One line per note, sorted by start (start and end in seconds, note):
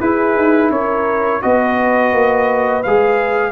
0.00 0.35 E4
0.00 1.42 E4
0.00 0.71 G#4
0.00 0.71 B4
0.35 0.70 D#4
0.70 1.41 C#4
0.70 1.41 A#4
0.70 1.42 C#5
1.42 2.12 B3
1.42 2.83 F#4
1.42 3.52 B4
1.42 2.83 D#5
2.12 2.83 A#3
2.83 3.52 G#3
2.83 3.52 G#4
2.83 3.52 F5